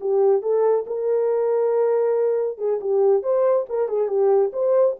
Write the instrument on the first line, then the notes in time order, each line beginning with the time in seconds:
horn
0.00 G4
0.42 A4
0.87 A#4
2.58 G#4
2.81 G4
3.23 C5
3.69 A#4
3.88 G#4
4.08 G4
4.53 C5